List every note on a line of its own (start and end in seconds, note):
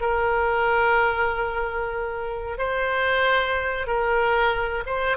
0.00 2.57 A#4
2.57 3.87 C5
3.87 4.84 A#4
4.86 5.17 C5